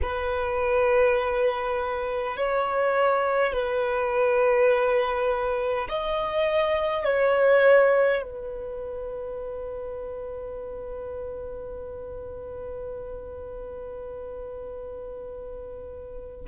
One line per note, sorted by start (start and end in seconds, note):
0.02 2.36 B4
2.36 3.52 C#5
3.52 5.88 B4
5.88 7.04 D#5
7.04 8.22 C#5
8.22 16.45 B4